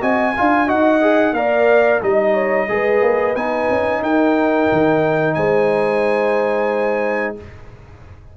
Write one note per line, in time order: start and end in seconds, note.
0.00 0.35 C4
0.00 0.33 F#4
0.00 0.34 D#5
0.00 0.69 G#5
0.35 0.70 D4
0.35 0.67 F4
0.35 0.67 F5
0.67 1.33 D#4
0.67 1.00 F#4
0.67 1.33 D#5
0.67 1.33 F#5
1.01 1.34 G#4
1.33 1.99 A#3
1.33 2.02 A#4
1.33 2.03 D5
1.33 2.00 F5
2.02 2.68 G3
2.02 2.68 D#4
2.02 3.35 D#5
2.02 2.33 D#5
2.33 2.67 C#5
2.68 3.01 G#3
2.68 3.35 G#4
2.68 4.02 B4
3.01 3.35 A#3
3.35 3.68 B3
3.35 7.36 D#4
3.35 4.02 G#5
3.70 4.01 C#4
4.01 4.67 D#4
4.01 5.35 A#4
4.01 5.34 G5
4.72 5.36 D#3
5.34 7.36 G#3
5.34 7.36 C5
5.34 7.34 G#5